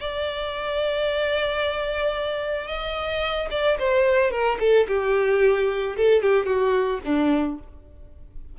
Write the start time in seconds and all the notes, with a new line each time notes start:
0.00 D5
2.67 D#5
3.50 D5
3.79 C5
4.31 A#4
4.59 A4
4.88 G4
5.96 A4
6.22 G4
6.45 F#4
7.04 D4